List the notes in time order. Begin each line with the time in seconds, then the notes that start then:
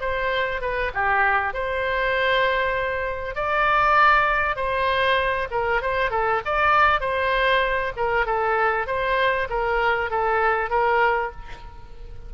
0.00 C5
0.61 B4
0.94 G4
1.53 C5
3.35 D5
4.56 C5
5.50 A#4
5.81 C5
6.10 A4
6.45 D5
7.00 C5
7.96 A#4
8.26 A4
8.87 C5
9.49 A#4
10.10 A4
10.70 A#4